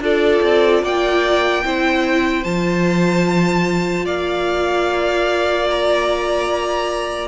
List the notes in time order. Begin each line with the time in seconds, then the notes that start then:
0.00 D4 F4 A4 D5
0.43 C4
0.83 A#3 D5 G5
1.64 C4 E4 C5
2.44 F3 F4 A5
4.05 A#3 D5 F5
5.71 A#5